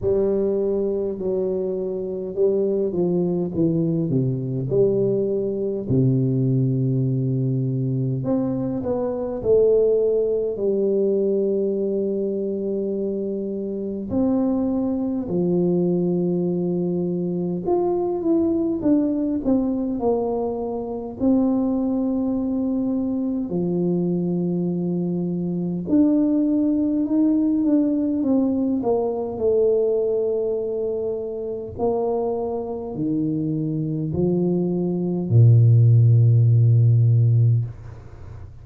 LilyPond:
\new Staff \with { instrumentName = "tuba" } { \time 4/4 \tempo 4 = 51 g4 fis4 g8 f8 e8 c8 | g4 c2 c'8 b8 | a4 g2. | c'4 f2 f'8 e'8 |
d'8 c'8 ais4 c'2 | f2 d'4 dis'8 d'8 | c'8 ais8 a2 ais4 | dis4 f4 ais,2 | }